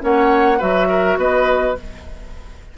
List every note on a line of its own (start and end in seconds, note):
0.00 0.61 A#3
0.00 0.58 C#4
0.00 0.58 C#5
0.00 0.61 F#5
0.58 1.17 F#3
0.58 1.75 F#4
0.58 0.87 B4
0.58 1.19 E5
0.89 1.18 A#4
1.17 1.75 B3
1.17 1.78 B4
1.17 1.77 D#5